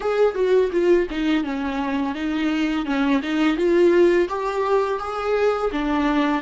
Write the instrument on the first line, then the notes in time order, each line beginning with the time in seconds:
viola
0.00 G#4
0.34 F#4
0.71 F4
1.10 D#4
1.44 C#4
2.14 D#4
2.85 C#4
3.22 D#4
3.56 F4
4.28 G4
4.99 G#4
5.72 D4